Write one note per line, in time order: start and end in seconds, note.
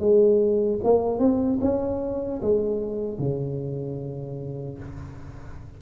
0.00 0.80 G#3
0.84 1.19 A#3
1.19 1.59 C4
1.61 2.41 C#4
2.42 3.19 G#3
3.19 4.79 C#3